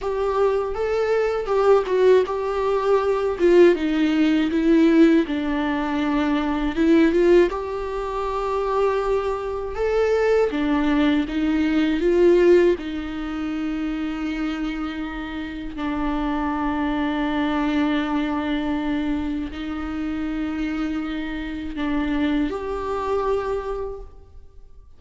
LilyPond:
\new Staff \with { instrumentName = "viola" } { \time 4/4 \tempo 4 = 80 g'4 a'4 g'8 fis'8 g'4~ | g'8 f'8 dis'4 e'4 d'4~ | d'4 e'8 f'8 g'2~ | g'4 a'4 d'4 dis'4 |
f'4 dis'2.~ | dis'4 d'2.~ | d'2 dis'2~ | dis'4 d'4 g'2 | }